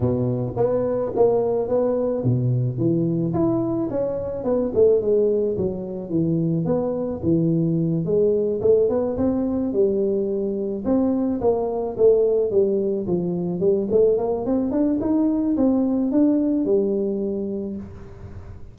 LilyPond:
\new Staff \with { instrumentName = "tuba" } { \time 4/4 \tempo 4 = 108 b,4 b4 ais4 b4 | b,4 e4 e'4 cis'4 | b8 a8 gis4 fis4 e4 | b4 e4. gis4 a8 |
b8 c'4 g2 c'8~ | c'8 ais4 a4 g4 f8~ | f8 g8 a8 ais8 c'8 d'8 dis'4 | c'4 d'4 g2 | }